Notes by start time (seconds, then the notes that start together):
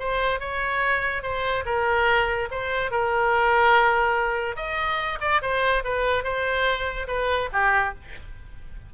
0.00 C5
0.40 C#5
1.23 C5
1.66 A#4
2.52 C5
2.91 A#4
4.57 D#5
5.21 D5
5.42 C5
5.85 B4
6.24 C5
7.08 B4
7.53 G4